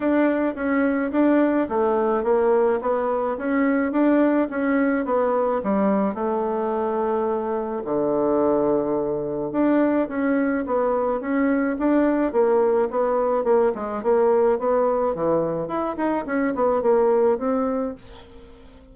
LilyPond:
\new Staff \with { instrumentName = "bassoon" } { \time 4/4 \tempo 4 = 107 d'4 cis'4 d'4 a4 | ais4 b4 cis'4 d'4 | cis'4 b4 g4 a4~ | a2 d2~ |
d4 d'4 cis'4 b4 | cis'4 d'4 ais4 b4 | ais8 gis8 ais4 b4 e4 | e'8 dis'8 cis'8 b8 ais4 c'4 | }